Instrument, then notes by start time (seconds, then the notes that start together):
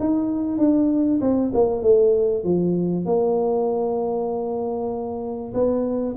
tuba
0.00 D#4
0.58 D4
1.21 C4
1.54 A#3
1.83 A3
2.44 F3
3.06 A#3
5.54 B3